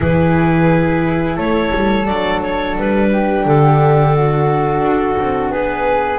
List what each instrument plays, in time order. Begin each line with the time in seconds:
0.00 double bass E3, viola E4, flute G#4, clarinet B4
1.36 double bass A3, flute A4, clarinet C#5
1.74 double bass G3
2.05 double bass F#3, viola D4, clarinet D5
2.41 clarinet C#5
2.77 double bass G3, clarinet B4
3.12 flute G4
3.45 double bass D3, clarinet A4
4.15 flute F#4
4.81 double bass D4
5.19 double bass C4
5.51 double bass B3, flute G#4, clarinet B4